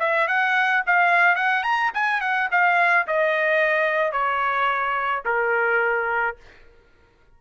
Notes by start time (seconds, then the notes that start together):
0.00 E5
0.28 F#5
0.87 F5
1.36 F#5
1.63 A#5
1.94 G#5
2.21 F#5
2.52 F5
3.07 D#5
4.12 C#5
5.25 A#4